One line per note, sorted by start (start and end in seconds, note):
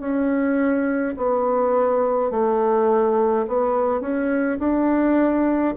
0.00 1.15 C#4
1.17 2.31 B3
2.31 3.46 A3
3.48 4.01 B3
4.01 4.58 C#4
4.59 5.75 D4